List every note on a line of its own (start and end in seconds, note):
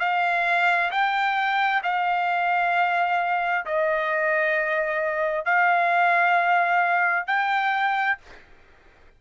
0.00 0.91 F5
0.91 1.82 G5
1.83 3.65 F5
3.66 5.45 D#5
5.45 7.27 F5
7.27 8.18 G5